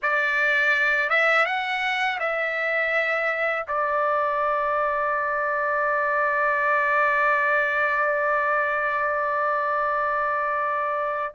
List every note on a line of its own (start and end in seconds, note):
0.02 1.09 D5
1.09 1.45 E5
1.45 2.19 F#5
2.19 3.66 E5
3.67 11.34 D5